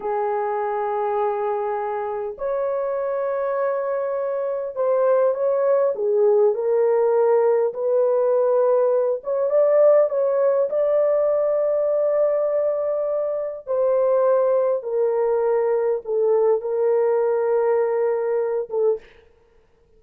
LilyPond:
\new Staff \with { instrumentName = "horn" } { \time 4/4 \tempo 4 = 101 gis'1 | cis''1 | c''4 cis''4 gis'4 ais'4~ | ais'4 b'2~ b'8 cis''8 |
d''4 cis''4 d''2~ | d''2. c''4~ | c''4 ais'2 a'4 | ais'2.~ ais'8 a'8 | }